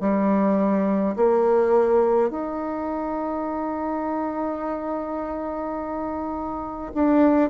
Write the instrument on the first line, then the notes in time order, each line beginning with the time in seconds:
bassoon
0.00 G3
1.16 A#3
2.30 D#4
6.94 D4